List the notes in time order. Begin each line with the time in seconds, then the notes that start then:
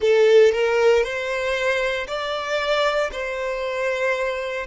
0.00 A4
0.52 A#4
1.03 C5
2.07 D5
3.11 C5